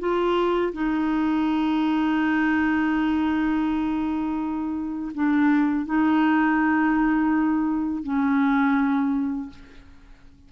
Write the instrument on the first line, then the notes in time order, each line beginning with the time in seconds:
clarinet
0.00 F4
0.74 D#4
5.15 D4
5.86 D#4
8.04 C#4